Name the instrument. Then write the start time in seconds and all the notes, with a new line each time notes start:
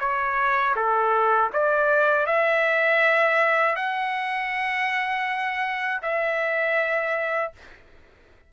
trumpet
0.00 C#5
0.76 A4
1.53 D5
2.27 E5
3.76 F#5
6.02 E5